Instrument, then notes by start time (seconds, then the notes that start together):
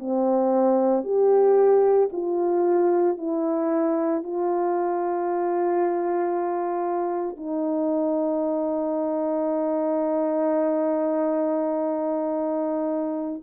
horn
0.00 C4
1.04 G4
2.13 F4
3.18 E4
4.24 F4
7.37 D#4